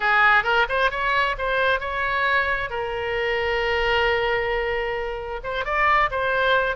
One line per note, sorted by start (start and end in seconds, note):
0.00 0.43 G#4
0.43 0.66 A#4
0.68 0.90 C5
0.90 1.36 C#5
1.38 1.80 C5
1.80 2.69 C#5
2.69 5.40 A#4
5.43 5.65 C5
5.65 6.10 D5
6.10 6.76 C5